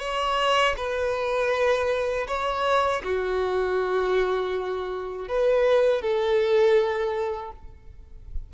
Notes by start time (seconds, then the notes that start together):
0.00 C#5
0.77 B4
2.27 C#5
3.03 F#4
5.28 B4
6.02 A4